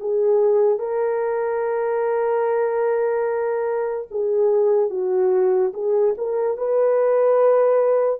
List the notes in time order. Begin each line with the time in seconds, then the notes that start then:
0.00 G#4
0.78 A#4
4.11 G#4
4.90 F#4
5.73 G#4
6.17 A#4
6.57 B4